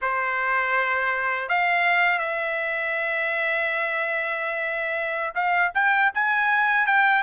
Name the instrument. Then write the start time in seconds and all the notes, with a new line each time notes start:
trumpet
0.01 C5
1.48 F5
2.19 E5
5.34 F5
5.74 G5
6.14 G#5
6.86 G5